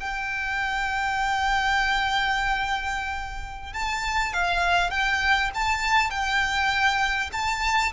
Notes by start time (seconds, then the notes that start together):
0.00 G5
3.73 A5
4.33 F5
4.91 G5
5.55 A5
6.11 G5
7.33 A5